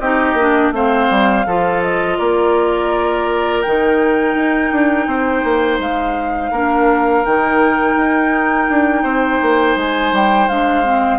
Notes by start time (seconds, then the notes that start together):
0.00 C4 D#4 G4 D#5
0.34 A#3 D4
0.72 A3 C4 C5 F5
1.10 G3
1.47 F3 F4 A4
1.83 D#5
2.18 A#3 A#4 D5
3.62 D#3 D#4 G5
4.35 D#4
4.72 D4
5.07 C4 C5
5.44 A#3
5.79 G#3 F5
6.52 A#3 D4 A#4
7.26 D#3 D#4 G5
7.96 D#4
8.70 D4
9.03 C4 C5
9.42 A#3
9.77 G#3 G#5
10.13 G3 G5
10.49 G#3 D4 F5
10.84 C4